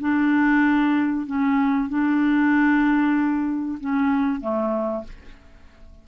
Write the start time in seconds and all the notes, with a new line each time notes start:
0.00 D4
1.26 C#4
1.89 D4
3.80 C#4
4.40 A3